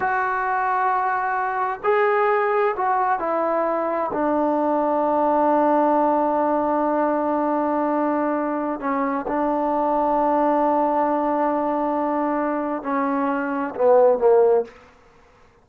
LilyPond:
\new Staff \with { instrumentName = "trombone" } { \time 4/4 \tempo 4 = 131 fis'1 | gis'2 fis'4 e'4~ | e'4 d'2.~ | d'1~ |
d'2.~ d'16 cis'8.~ | cis'16 d'2.~ d'8.~ | d'1 | cis'2 b4 ais4 | }